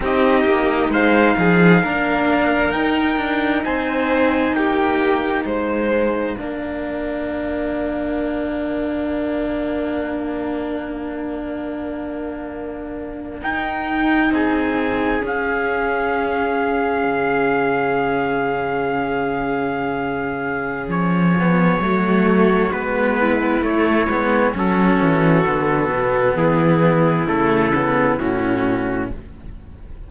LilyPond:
<<
  \new Staff \with { instrumentName = "trumpet" } { \time 4/4 \tempo 4 = 66 dis''4 f''2 g''4 | gis''4 g''4 f''2~ | f''1~ | f''2~ f''8. g''4 gis''16~ |
gis''8. f''2.~ f''16~ | f''2. cis''4~ | cis''4 b'4 cis''4 a'4~ | a'4 gis'4 a'4 fis'4 | }
  \new Staff \with { instrumentName = "violin" } { \time 4/4 g'4 c''8 gis'8 ais'2 | c''4 g'4 c''4 ais'4~ | ais'1~ | ais'2.~ ais'8. gis'16~ |
gis'1~ | gis'1 | fis'4. e'4. fis'4~ | fis'4 e'2. | }
  \new Staff \with { instrumentName = "cello" } { \time 4/4 dis'2 d'4 dis'4~ | dis'2. d'4~ | d'1~ | d'2~ d'8. dis'4~ dis'16~ |
dis'8. cis'2.~ cis'16~ | cis'2.~ cis'8 b8 | a4 b4 a8 b8 cis'4 | b2 a8 b8 cis'4 | }
  \new Staff \with { instrumentName = "cello" } { \time 4/4 c'8 ais8 gis8 f8 ais4 dis'8 d'8 | c'4 ais4 gis4 ais4~ | ais1~ | ais2~ ais8. dis'4 c'16~ |
c'8. cis'2 cis4~ cis16~ | cis2. f4 | fis4 gis4 a8 gis8 fis8 e8 | d8 b,8 e4 cis4 a,4 | }
>>